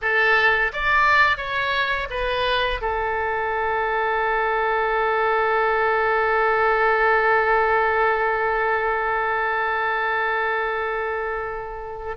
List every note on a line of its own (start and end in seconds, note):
0.01 0.72 A4
0.72 1.37 D5
1.37 2.08 C#5
2.10 2.80 B4
2.81 12.16 A4